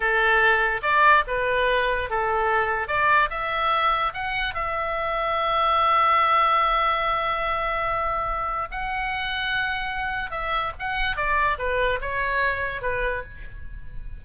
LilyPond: \new Staff \with { instrumentName = "oboe" } { \time 4/4 \tempo 4 = 145 a'2 d''4 b'4~ | b'4 a'2 d''4 | e''2 fis''4 e''4~ | e''1~ |
e''1~ | e''4 fis''2.~ | fis''4 e''4 fis''4 d''4 | b'4 cis''2 b'4 | }